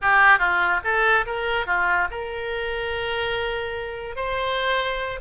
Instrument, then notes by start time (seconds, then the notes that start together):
oboe
0.01 G4
0.38 F4
0.84 A4
1.26 A#4
1.66 F4
2.10 A#4
4.16 C5